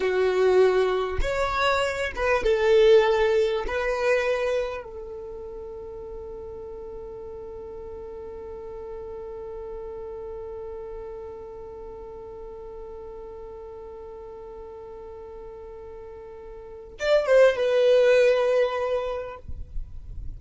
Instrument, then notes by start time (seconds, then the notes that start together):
violin
0.00 F#4
1.21 C#5
2.15 B4
2.43 A4
3.67 B4
4.83 A4
16.99 D5
17.26 C5
17.56 B4